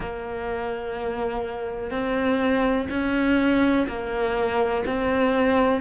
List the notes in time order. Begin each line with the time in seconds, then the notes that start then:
0.00 A#3
1.90 C4
2.90 C#4
3.87 A#3
4.86 C4